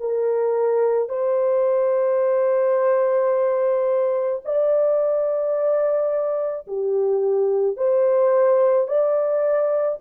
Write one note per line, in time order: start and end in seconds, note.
0.00 1.09 A#4
1.09 4.42 C5
4.44 6.67 D5
6.67 7.76 G4
7.76 8.87 C5
8.87 9.98 D5